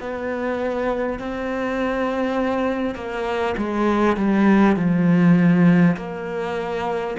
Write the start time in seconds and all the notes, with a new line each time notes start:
0.00 B3
1.19 C4
2.95 A#3
3.58 G#3
4.17 G3
4.77 F3
5.97 A#3